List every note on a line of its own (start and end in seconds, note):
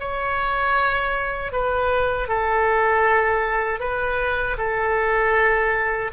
0.00 1.52 C#5
1.52 2.28 B4
2.28 3.80 A4
3.80 4.57 B4
4.58 6.12 A4